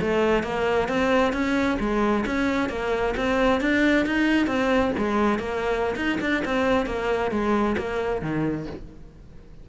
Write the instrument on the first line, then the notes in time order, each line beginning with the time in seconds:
cello
0.00 A3
0.43 A#3
0.88 C4
1.32 C#4
1.79 G#3
2.26 C#4
2.69 A#3
3.17 C4
3.61 D4
4.06 D#4
4.46 C4
4.97 G#3
5.38 A#3
5.96 D#4
6.21 D4
6.45 C4
6.86 A#3
7.31 G#3
7.77 A#3
8.21 D#3